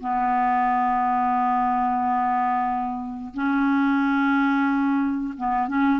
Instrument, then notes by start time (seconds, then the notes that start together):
clarinet
0.00 B3
3.34 C#4
5.37 B3
5.68 C#4